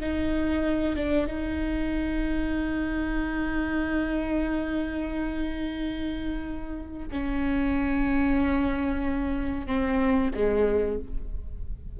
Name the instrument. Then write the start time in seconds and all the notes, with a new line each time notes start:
viola
0.00 D#4
0.96 D4
1.27 D#4
7.11 C#4
9.66 C4
10.34 G#3